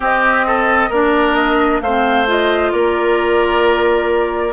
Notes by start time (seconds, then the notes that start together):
0.00 C4 G4 D#5
0.46 A4
0.89 A#3 D4 A#4 D5
1.35 D#5
1.81 A3 C4 C5 F5
2.26 F4 D#5
2.71 A#3 A#4 D5